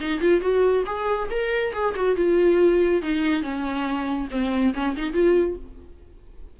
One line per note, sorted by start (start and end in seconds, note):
0.00 0.21 D#4
0.21 0.41 F4
0.41 0.84 F#4
0.86 1.29 G#4
1.31 1.73 A#4
1.73 1.95 G#4
1.95 2.16 F#4
2.16 3.02 F4
3.02 3.42 D#4
3.42 4.28 C#4
4.31 4.73 C4
4.74 4.96 C#4
4.96 5.13 D#4
5.13 5.56 F4